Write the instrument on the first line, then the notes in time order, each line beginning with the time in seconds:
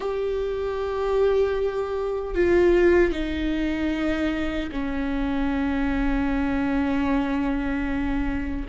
viola
0.00 G4
2.34 F4
3.11 D#4
4.72 C#4